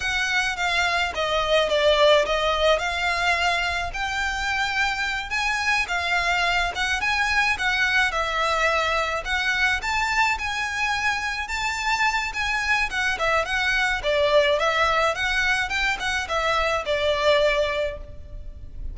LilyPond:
\new Staff \with { instrumentName = "violin" } { \time 4/4 \tempo 4 = 107 fis''4 f''4 dis''4 d''4 | dis''4 f''2 g''4~ | g''4. gis''4 f''4. | fis''8 gis''4 fis''4 e''4.~ |
e''8 fis''4 a''4 gis''4.~ | gis''8 a''4. gis''4 fis''8 e''8 | fis''4 d''4 e''4 fis''4 | g''8 fis''8 e''4 d''2 | }